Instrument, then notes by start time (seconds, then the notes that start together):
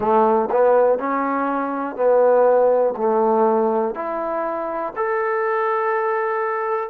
trombone
0.00 A3
0.51 B3
0.98 C#4
1.95 B3
2.96 A3
3.94 E4
4.96 A4